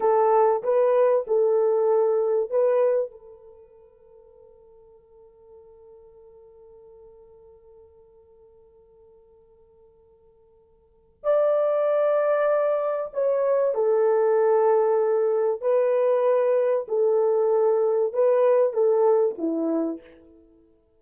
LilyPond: \new Staff \with { instrumentName = "horn" } { \time 4/4 \tempo 4 = 96 a'4 b'4 a'2 | b'4 a'2.~ | a'1~ | a'1~ |
a'2 d''2~ | d''4 cis''4 a'2~ | a'4 b'2 a'4~ | a'4 b'4 a'4 e'4 | }